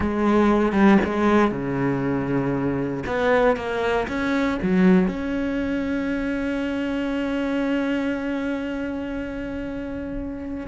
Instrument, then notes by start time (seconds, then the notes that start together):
cello
0.00 G#3
0.72 G3
1.04 G#3
1.51 C#3
3.06 B3
3.56 A#3
4.07 C#4
4.62 F#3
5.07 C#4